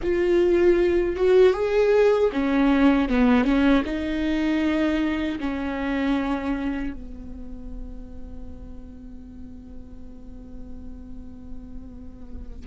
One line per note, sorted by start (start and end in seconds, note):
0.02 1.15 F4
1.15 1.53 F#4
1.53 2.30 G#4
2.32 3.08 C#4
3.08 3.44 B3
3.44 3.83 C#4
3.85 5.38 D#4
5.39 6.93 C#4
6.93 12.66 B3